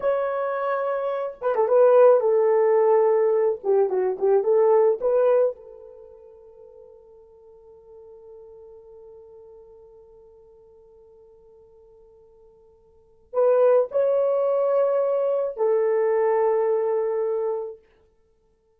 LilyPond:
\new Staff \with { instrumentName = "horn" } { \time 4/4 \tempo 4 = 108 cis''2~ cis''8 b'16 a'16 b'4 | a'2~ a'8 g'8 fis'8 g'8 | a'4 b'4 a'2~ | a'1~ |
a'1~ | a'1 | b'4 cis''2. | a'1 | }